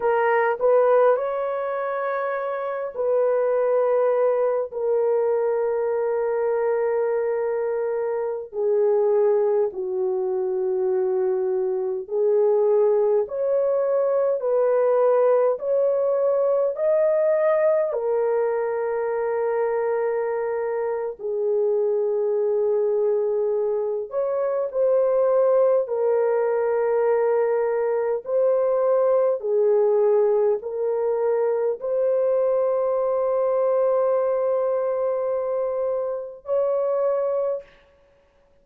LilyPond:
\new Staff \with { instrumentName = "horn" } { \time 4/4 \tempo 4 = 51 ais'8 b'8 cis''4. b'4. | ais'2.~ ais'16 gis'8.~ | gis'16 fis'2 gis'4 cis''8.~ | cis''16 b'4 cis''4 dis''4 ais'8.~ |
ais'2 gis'2~ | gis'8 cis''8 c''4 ais'2 | c''4 gis'4 ais'4 c''4~ | c''2. cis''4 | }